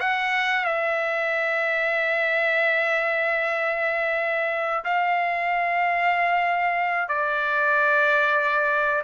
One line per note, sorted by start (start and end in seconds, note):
0.00 0.65 F#5
0.65 4.84 E5
4.84 7.09 F5
7.09 9.02 D5